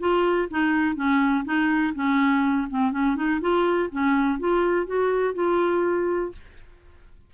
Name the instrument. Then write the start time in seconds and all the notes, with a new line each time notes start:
clarinet
0.00 F4
0.51 D#4
0.96 C#4
1.45 D#4
1.95 C#4
2.71 C4
2.92 C#4
3.16 D#4
3.41 F4
3.92 C#4
4.39 F4
4.87 F#4
5.35 F4